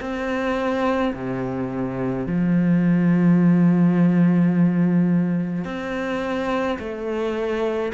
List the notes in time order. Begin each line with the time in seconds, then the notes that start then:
0.00 C4
1.14 C3
2.26 F3
5.64 C4
6.79 A3